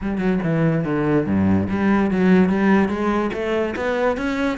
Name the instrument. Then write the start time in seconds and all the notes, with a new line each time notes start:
cello
0.01 G3
0.18 F#3
0.43 E3
0.84 D3
1.26 G2
1.69 G3
2.10 F#3
2.49 G3
2.88 G#3
3.33 A3
3.75 B3
4.17 C#4